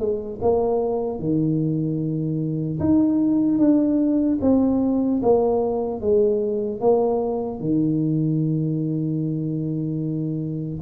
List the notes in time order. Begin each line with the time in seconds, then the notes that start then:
0.00 G#3
0.42 A#3
1.20 D#3
2.80 D#4
3.59 D4
4.41 C4
5.23 A#3
6.01 G#3
6.81 A#3
7.60 D#3